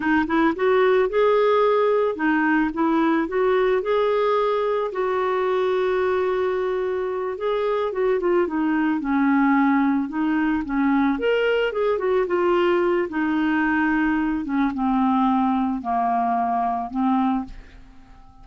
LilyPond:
\new Staff \with { instrumentName = "clarinet" } { \time 4/4 \tempo 4 = 110 dis'8 e'8 fis'4 gis'2 | dis'4 e'4 fis'4 gis'4~ | gis'4 fis'2.~ | fis'4. gis'4 fis'8 f'8 dis'8~ |
dis'8 cis'2 dis'4 cis'8~ | cis'8 ais'4 gis'8 fis'8 f'4. | dis'2~ dis'8 cis'8 c'4~ | c'4 ais2 c'4 | }